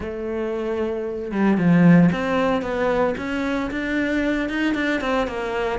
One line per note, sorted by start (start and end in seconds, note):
0.00 1.31 A3
1.31 1.57 G3
1.57 2.10 F3
2.11 2.62 C4
2.62 3.14 B3
3.17 3.70 C#4
3.70 4.49 D4
4.49 4.74 D#4
4.74 5.00 D4
5.00 5.27 C4
5.27 5.79 A#3